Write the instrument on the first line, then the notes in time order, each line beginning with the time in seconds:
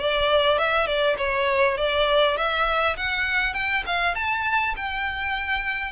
violin
0.00 D5
0.59 E5
0.87 D5
1.19 C#5
1.78 D5
2.38 E5
2.97 F#5
3.54 G5
3.87 F5
4.16 A5
4.77 G5